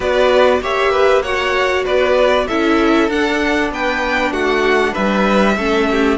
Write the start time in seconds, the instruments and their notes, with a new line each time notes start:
0.00 cello B3, viola F#4, violin B4 D5
0.61 cello A#3, viola G4, violin C#5 E5
0.91 violin B4
1.22 viola F#4, violin C#5 F#5
1.84 cello B3, violin B4 D5
2.47 cello C#4, viola E4, violin A4 E5
3.08 cello D4, viola D4, violin F#5
3.70 cello B3, violin B4 G5
4.30 cello A3, violin F#4 F#5
4.92 cello G3, violin B4 E5
5.57 cello A3, viola C#4, violin A4
5.90 violin G4